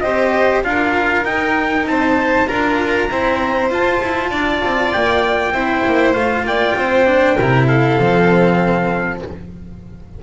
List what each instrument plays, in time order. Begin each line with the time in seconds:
0.00 double bass C4, cello G4, violin C5, trumpet D#5
0.63 double bass D4, cello F4, violin A#4, trumpet F5
1.23 double bass D#4, cello D#4, trumpet G5
1.85 double bass C4, violin C5, trumpet A5
2.46 double bass D4, cello F4, violin A#4, trumpet A#5
3.10 cello C4, double bass E4, violin C5
3.69 double bass F4, cello F4, trumpet A5
4.01 double bass E4
4.30 double bass D4, violin D5
4.63 double bass C4
4.92 double bass A#3, trumpet G5
5.51 double bass C4, cello E4, violin C5
5.85 double bass A#3
6.13 double bass A3, cello F4, trumpet F5
6.44 double bass A#3, violin D5, trumpet G5
6.75 double bass C4, violin C5
7.05 cello D4
7.37 double bass C3, cello E4, violin A#4
7.66 violin A4, trumpet F5
7.99 double bass F3, cello C4